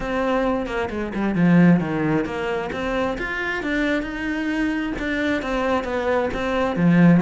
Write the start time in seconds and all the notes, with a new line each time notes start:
0.00 C4
0.66 A#3
0.90 G#3
1.14 G3
1.35 F3
1.80 D#3
2.25 A#3
2.72 C4
3.18 F4
3.63 D4
4.02 D#4
4.98 D4
5.42 C4
5.84 B3
6.33 C4
6.76 F3